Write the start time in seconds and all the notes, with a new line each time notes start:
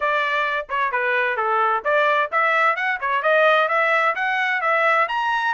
0.00 D5
0.69 C#5
0.91 B4
1.37 A4
1.84 D5
2.31 E5
2.76 F#5
3.00 C#5
3.22 D#5
3.68 E5
4.15 F#5
4.61 E5
5.08 A#5